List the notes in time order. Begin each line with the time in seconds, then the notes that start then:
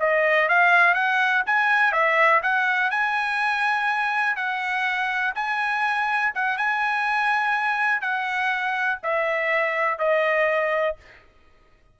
0.00 D#5
0.49 F5
0.95 F#5
1.47 G#5
1.93 E5
2.43 F#5
2.91 G#5
4.36 F#5
5.35 G#5
6.35 F#5
6.58 G#5
8.02 F#5
9.03 E5
9.99 D#5